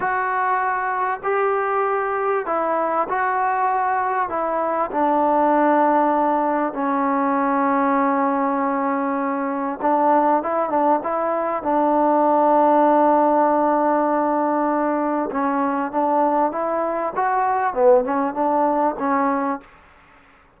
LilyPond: \new Staff \with { instrumentName = "trombone" } { \time 4/4 \tempo 4 = 98 fis'2 g'2 | e'4 fis'2 e'4 | d'2. cis'4~ | cis'1 |
d'4 e'8 d'8 e'4 d'4~ | d'1~ | d'4 cis'4 d'4 e'4 | fis'4 b8 cis'8 d'4 cis'4 | }